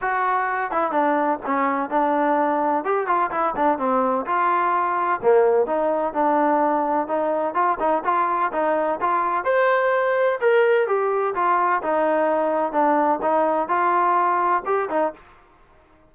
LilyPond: \new Staff \with { instrumentName = "trombone" } { \time 4/4 \tempo 4 = 127 fis'4. e'8 d'4 cis'4 | d'2 g'8 f'8 e'8 d'8 | c'4 f'2 ais4 | dis'4 d'2 dis'4 |
f'8 dis'8 f'4 dis'4 f'4 | c''2 ais'4 g'4 | f'4 dis'2 d'4 | dis'4 f'2 g'8 dis'8 | }